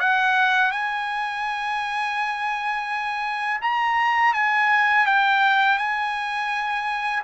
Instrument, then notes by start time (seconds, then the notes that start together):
trumpet
0.00 F#5
0.72 G#5
3.62 A#5
4.34 G#5
5.06 G5
5.78 G#5